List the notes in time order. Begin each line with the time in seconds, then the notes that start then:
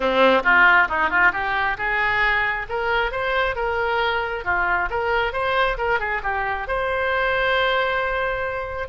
0.00 C4
0.43 F4
0.88 D#4
1.09 F4
1.32 G4
1.77 G#4
2.69 A#4
3.11 C5
3.55 A#4
4.44 F4
4.90 A#4
5.32 C5
5.77 A#4
5.99 G#4
6.23 G4
6.67 C5